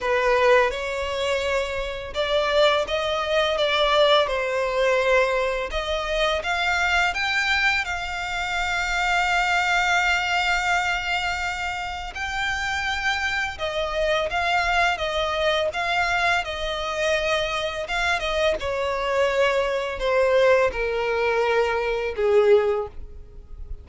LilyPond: \new Staff \with { instrumentName = "violin" } { \time 4/4 \tempo 4 = 84 b'4 cis''2 d''4 | dis''4 d''4 c''2 | dis''4 f''4 g''4 f''4~ | f''1~ |
f''4 g''2 dis''4 | f''4 dis''4 f''4 dis''4~ | dis''4 f''8 dis''8 cis''2 | c''4 ais'2 gis'4 | }